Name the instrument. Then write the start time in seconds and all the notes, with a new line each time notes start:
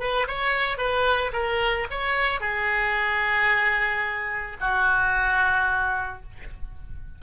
oboe
0.00 B4
0.28 C#5
0.78 B4
1.33 A#4
1.90 C#5
2.40 G#4
4.60 F#4